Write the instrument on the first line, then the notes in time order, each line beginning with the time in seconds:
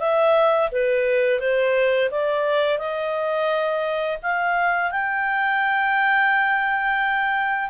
clarinet
0.00 E5
0.72 B4
1.40 C5
2.11 D5
2.79 D#5
4.23 F5
4.91 G5